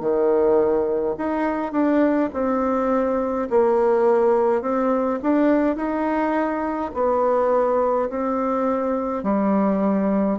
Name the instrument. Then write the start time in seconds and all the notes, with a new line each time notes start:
bassoon
0.00 D#3
1.17 D#4
1.72 D4
2.33 C4
3.50 A#3
4.62 C4
5.22 D4
5.76 D#4
6.94 B3
8.09 C4
9.23 G3